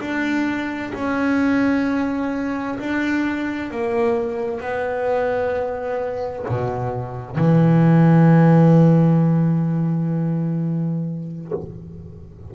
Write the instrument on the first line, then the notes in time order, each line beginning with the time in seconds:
double bass
0.00 D4
0.94 C#4
2.79 D4
3.70 A#3
4.60 B3
6.48 B2
7.36 E3